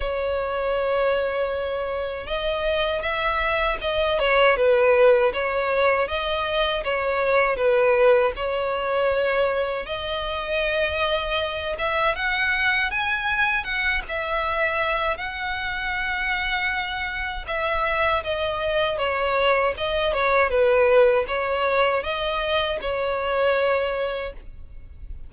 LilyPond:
\new Staff \with { instrumentName = "violin" } { \time 4/4 \tempo 4 = 79 cis''2. dis''4 | e''4 dis''8 cis''8 b'4 cis''4 | dis''4 cis''4 b'4 cis''4~ | cis''4 dis''2~ dis''8 e''8 |
fis''4 gis''4 fis''8 e''4. | fis''2. e''4 | dis''4 cis''4 dis''8 cis''8 b'4 | cis''4 dis''4 cis''2 | }